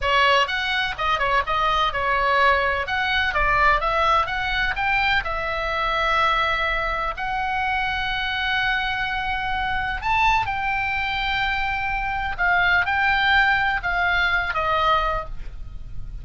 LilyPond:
\new Staff \with { instrumentName = "oboe" } { \time 4/4 \tempo 4 = 126 cis''4 fis''4 dis''8 cis''8 dis''4 | cis''2 fis''4 d''4 | e''4 fis''4 g''4 e''4~ | e''2. fis''4~ |
fis''1~ | fis''4 a''4 g''2~ | g''2 f''4 g''4~ | g''4 f''4. dis''4. | }